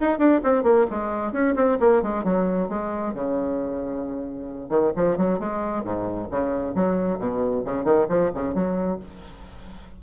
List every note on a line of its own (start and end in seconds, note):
0.00 0.18 D#4
0.18 0.40 D4
0.43 0.63 C4
0.63 0.86 A#3
0.90 1.32 G#3
1.32 1.55 C#4
1.55 1.78 C4
1.80 2.02 A#3
2.02 2.24 G#3
2.24 2.68 F#3
2.68 3.14 G#3
3.14 4.69 C#3
4.69 4.92 D#3
4.95 5.17 F3
5.17 5.39 F#3
5.39 5.83 G#3
5.83 6.28 G#2
6.30 6.74 C#3
6.74 7.19 F#3
7.19 7.64 B2
7.65 7.84 C#3
7.84 8.07 D#3
8.08 8.31 F3
8.34 8.54 C#3
8.54 8.99 F#3